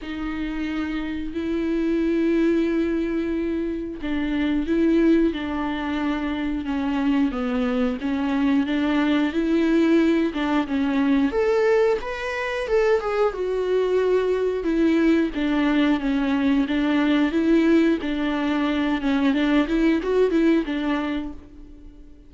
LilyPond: \new Staff \with { instrumentName = "viola" } { \time 4/4 \tempo 4 = 90 dis'2 e'2~ | e'2 d'4 e'4 | d'2 cis'4 b4 | cis'4 d'4 e'4. d'8 |
cis'4 a'4 b'4 a'8 gis'8 | fis'2 e'4 d'4 | cis'4 d'4 e'4 d'4~ | d'8 cis'8 d'8 e'8 fis'8 e'8 d'4 | }